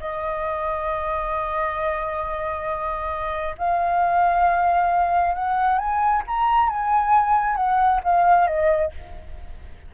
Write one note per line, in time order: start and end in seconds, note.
0.00 3.56 D#5
3.58 5.35 F5
5.35 5.78 F#5
5.78 6.23 G#5
6.27 6.69 A#5
6.69 7.56 G#5
7.56 8.00 F#5
8.04 8.47 F5
8.47 8.92 D#5